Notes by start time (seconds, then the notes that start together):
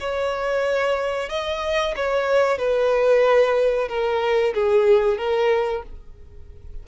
0.00 C#5
1.29 D#5
1.96 C#5
2.58 B4
3.88 A#4
4.54 G#4
5.18 A#4